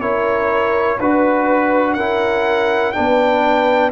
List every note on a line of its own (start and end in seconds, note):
0.00 0.98 C#4
0.00 0.99 E4
0.00 0.99 A#4
0.00 0.99 C#5
0.99 1.97 D4
0.99 1.99 F#4
0.99 1.94 B4
0.99 1.96 B4
1.94 2.95 C#4
1.94 2.94 E4
1.94 2.95 A#4
1.94 2.92 F#5
2.92 3.92 B3
2.92 3.92 D4
2.92 3.92 B4
2.92 3.91 G5